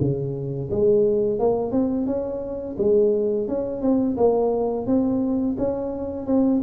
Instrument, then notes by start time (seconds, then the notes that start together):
tuba
0.00 C#3
0.70 G#3
1.39 A#3
1.72 C4
2.06 C#4
2.78 G#3
3.48 C#4
3.81 C4
4.17 A#3
4.86 C4
5.58 C#4
6.26 C4